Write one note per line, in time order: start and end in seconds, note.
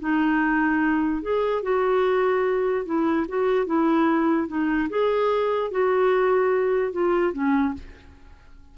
0.00 1.22 D#4
1.22 1.63 G#4
1.63 2.86 F#4
2.86 3.27 E4
3.28 3.67 F#4
3.67 4.48 E4
4.48 4.89 D#4
4.90 5.71 G#4
5.71 6.92 F#4
6.92 7.33 F4
7.33 7.74 C#4